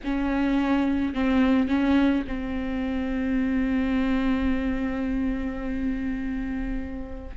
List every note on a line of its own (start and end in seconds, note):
0.03 1.14 C#4
1.14 1.68 C4
1.68 2.24 C#4
2.27 7.36 C4